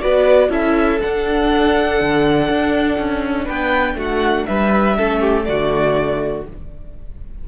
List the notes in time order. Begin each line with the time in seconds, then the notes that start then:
0.00 B3 F#4 B4 D5
0.49 C#4 E4 A4 E5
1.01 D4 F#5
2.01 D3
2.49 D4
2.98 C#4
3.45 B3 B4 G5
3.95 A3 F#4
4.02 F#5
4.46 G3 B4 E5
4.97 A3 C#4 A4
5.21 G4
5.44 D3 A3 F#4 D5